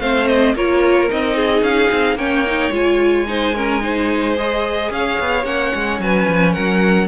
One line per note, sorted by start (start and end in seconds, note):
0.00 0.55 A3
0.00 0.56 C4
0.00 0.55 C5
0.00 0.28 F5
0.28 0.55 D#5
0.55 1.10 A#3
0.55 1.09 F4
0.55 1.36 A#4
0.55 1.10 C#5
1.09 1.62 C4
1.09 2.18 D#4
1.09 1.63 D#5
1.36 2.17 G#4
1.62 1.89 C#4
1.62 2.17 F5
1.91 2.15 C4
2.15 2.70 A#3
2.15 2.45 C#4
2.15 3.27 C#5
2.15 2.72 G5
2.46 2.72 D#4
2.71 4.89 G#3
2.71 3.26 F4
2.71 4.38 G#5
3.27 3.54 D#4
3.27 3.55 C5
3.55 3.81 C#4
3.55 3.83 A#4
3.81 4.35 D#4
3.81 4.92 C5
4.37 5.44 G#4
4.37 4.92 D#5
4.90 5.18 C#4
4.90 6.03 C#5
4.90 5.45 F5
5.19 5.45 B3
5.44 5.72 A#3
5.44 7.08 C#4
5.44 5.99 F#5
5.75 5.99 G#3
5.99 6.27 F#3
5.99 6.53 B4
5.99 6.53 G#5
6.29 6.56 F3
6.53 7.08 F#3
6.53 7.08 A#4
6.53 7.07 F#5